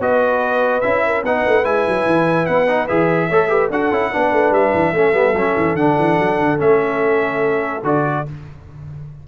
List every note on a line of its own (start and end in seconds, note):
0.00 0.82 B3
0.00 0.83 F#4
0.00 1.06 B4
0.00 0.81 D#5
0.81 1.24 C#4
0.81 1.24 E4
0.81 1.22 E5
1.06 1.25 A#4
1.24 1.45 B3
1.24 1.64 D#4
1.24 3.29 B4
1.24 1.65 F#5
1.46 1.65 A3
1.64 1.85 G#3
1.64 2.67 E4
1.64 2.46 G#5
1.88 2.07 F#3
2.07 2.48 E3
2.46 2.90 B3
2.46 2.87 F#5
2.68 2.88 D#4
2.88 3.30 E3
2.88 3.30 G#4
2.88 3.70 E5
3.29 3.70 A3
3.29 3.49 A4
3.29 3.49 C#5
3.49 3.70 G4
3.49 3.71 B4
3.70 3.91 D4
3.70 3.92 F#4
3.70 4.12 A4
3.70 4.54 F#5
3.92 4.12 C#4
3.92 4.13 E4
4.13 4.33 B3
4.13 4.95 D4
4.13 4.95 B4
4.33 4.51 A3
4.51 4.72 G3
4.51 5.76 E5
4.74 4.93 E3
4.93 5.14 A3
4.93 5.13 C#4
4.93 8.24 A4
5.13 5.34 G3
5.13 5.34 B3
5.35 5.55 F#3
5.35 5.78 C#4
5.57 5.75 E3
5.75 5.95 D3
5.75 6.58 D4
5.75 6.58 F#5
5.99 6.20 E3
6.20 6.39 F#3
6.39 6.60 D3
6.58 7.84 A3
6.58 7.81 C#4
6.58 7.84 E5
7.84 8.25 D3
7.84 8.26 F#4
7.84 8.28 D5